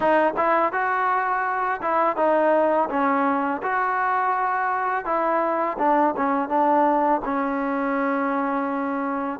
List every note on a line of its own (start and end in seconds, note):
0.00 0.33 D#4
0.36 0.72 E4
0.72 1.80 F#4
1.82 2.16 E4
2.16 2.88 D#4
2.89 3.61 C#4
3.62 5.05 F#4
5.05 5.77 E4
5.78 6.14 D4
6.16 6.48 C#4
6.48 7.21 D4
7.25 9.40 C#4